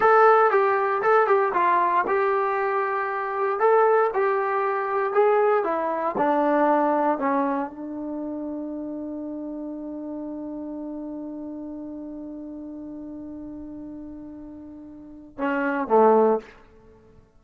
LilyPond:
\new Staff \with { instrumentName = "trombone" } { \time 4/4 \tempo 4 = 117 a'4 g'4 a'8 g'8 f'4 | g'2. a'4 | g'2 gis'4 e'4 | d'2 cis'4 d'4~ |
d'1~ | d'1~ | d'1~ | d'2 cis'4 a4 | }